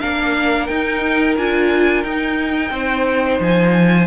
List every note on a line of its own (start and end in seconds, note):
0.00 0.69 A#3
0.00 0.69 D4
0.00 2.73 A#4
0.00 0.67 F5
0.67 1.38 D#4
0.67 1.35 G5
1.38 2.04 D4
1.38 2.06 F4
1.38 2.04 G#5
2.04 2.71 D#4
2.04 4.07 D#4
2.04 3.40 G5
2.71 3.39 C4
2.71 4.07 C5
3.40 4.07 F3
3.40 4.07 G#5